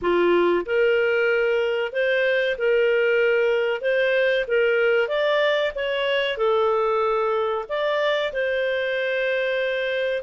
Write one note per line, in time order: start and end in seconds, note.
0.01 0.65 F4
0.65 1.92 A#4
1.92 2.56 C5
2.57 3.81 A#4
3.81 4.45 C5
4.47 5.07 A#4
5.07 5.71 D5
5.75 6.37 C#5
6.37 7.65 A4
7.68 8.32 D5
8.32 10.22 C5